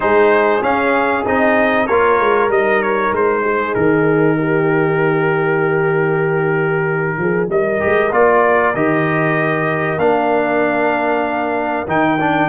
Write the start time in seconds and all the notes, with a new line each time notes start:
0.00 G#3 D#4 G#4 C5
0.62 C#4 F5
1.26 C4 D#4 D#5
1.85 A#3 F4 A#4 C#5
2.19 G#3
2.49 G3 D#4 D#5
2.82 C#5
3.12 G#3 C5
3.43 G#4
3.74 D#3 A#4
4.37 G4
7.17 F3 G#4
7.49 G3 A#4 D#5
7.79 G#3 G4
8.11 A#3 F4 D5
8.74 D#3 G4 D#5
9.98 A#3 D4 F5
11.87 D#3 D#4 G5
12.19 D4